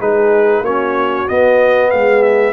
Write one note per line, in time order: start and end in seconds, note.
0.00 0.61 G#3
0.00 0.65 D#4
0.00 0.62 G#4
0.00 0.65 B4
0.61 1.24 A#3
0.61 1.28 C#4
0.61 1.90 F#4
0.61 1.29 C#5
1.28 2.53 B3
1.28 1.94 B3
1.28 1.91 D#5
1.91 2.53 G#3
1.91 2.53 G#4
1.91 2.23 F5
2.23 2.53 E5